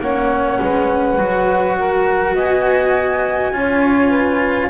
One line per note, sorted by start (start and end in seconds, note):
0.00 0.59 A#3
0.00 1.19 C#4
0.00 0.60 C#5
0.00 2.36 F#5
0.61 1.18 G#3
0.61 1.77 B4
1.18 2.35 F#3
1.18 3.52 F#4
1.77 2.35 A#4
2.35 3.52 B3
2.35 3.53 D#5
2.35 4.69 G#5
3.52 4.69 C#4
3.52 4.69 F4
3.52 4.09 C#5
4.09 4.67 B4